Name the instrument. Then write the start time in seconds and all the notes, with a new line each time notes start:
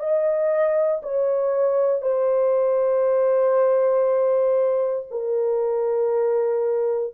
horn
0.00 D#5
1.03 C#5
2.02 C5
5.11 A#4